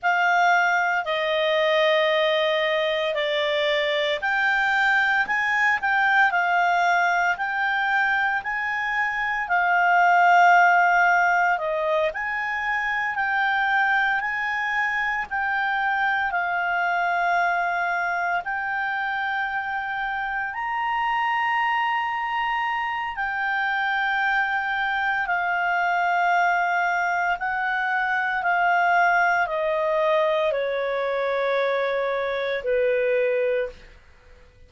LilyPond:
\new Staff \with { instrumentName = "clarinet" } { \time 4/4 \tempo 4 = 57 f''4 dis''2 d''4 | g''4 gis''8 g''8 f''4 g''4 | gis''4 f''2 dis''8 gis''8~ | gis''8 g''4 gis''4 g''4 f''8~ |
f''4. g''2 ais''8~ | ais''2 g''2 | f''2 fis''4 f''4 | dis''4 cis''2 b'4 | }